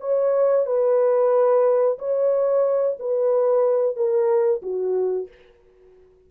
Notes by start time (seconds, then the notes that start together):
0.00 C#5
0.66 B4
1.98 C#5
2.99 B4
3.96 A#4
4.62 F#4